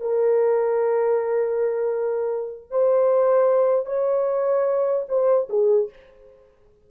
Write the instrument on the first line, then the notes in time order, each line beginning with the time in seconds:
horn
0.00 A#4
2.70 C5
3.85 C#5
5.08 C5
5.49 G#4